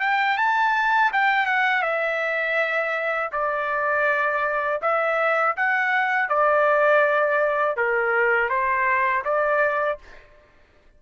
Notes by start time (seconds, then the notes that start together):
0.00 G5
0.37 A5
1.12 G5
1.46 F#5
1.82 E5
3.32 D5
4.81 E5
5.56 F#5
6.29 D5
7.76 A#4
8.49 C5
9.25 D5